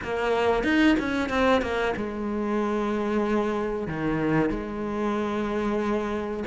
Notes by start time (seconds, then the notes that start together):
0.03 A#3
0.63 D#4
0.99 C#4
1.29 C4
1.61 A#3
1.96 G#3
3.87 D#3
4.50 G#3